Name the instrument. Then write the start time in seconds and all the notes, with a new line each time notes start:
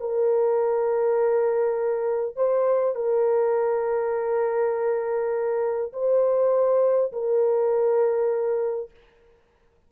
horn
0.00 A#4
2.36 C5
2.95 A#4
5.93 C5
7.12 A#4